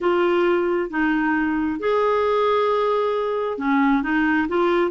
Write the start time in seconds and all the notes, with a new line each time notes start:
0.00 F4
0.90 D#4
1.79 G#4
3.57 C#4
4.03 D#4
4.48 F4